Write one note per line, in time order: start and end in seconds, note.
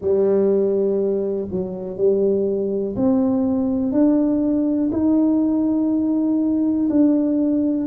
0.00 1.48 G3
1.50 1.97 F#3
1.97 2.95 G3
2.96 3.92 C4
3.92 4.90 D4
4.92 6.89 D#4
6.89 7.86 D4